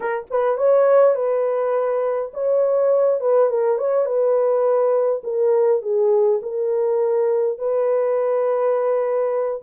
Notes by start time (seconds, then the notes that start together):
0.00 A#4
0.30 B4
0.57 C#5
1.15 B4
2.33 C#5
3.20 B4
3.49 A#4
3.78 C#5
4.05 B4
5.23 A#4
5.82 G#4
6.42 A#4
7.58 B4